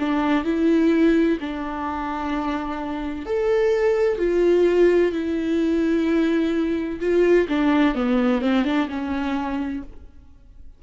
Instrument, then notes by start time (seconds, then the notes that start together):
viola
0.00 D4
0.45 E4
1.41 D4
3.26 A4
4.19 F4
5.13 E4
7.01 F4
7.49 D4
7.95 B3
8.42 C4
8.65 D4
8.89 C#4